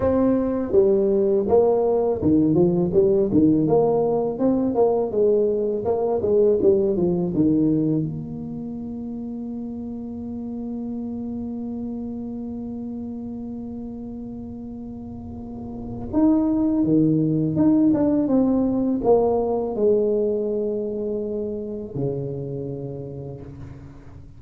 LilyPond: \new Staff \with { instrumentName = "tuba" } { \time 4/4 \tempo 4 = 82 c'4 g4 ais4 dis8 f8 | g8 dis8 ais4 c'8 ais8 gis4 | ais8 gis8 g8 f8 dis4 ais4~ | ais1~ |
ais1~ | ais2 dis'4 dis4 | dis'8 d'8 c'4 ais4 gis4~ | gis2 cis2 | }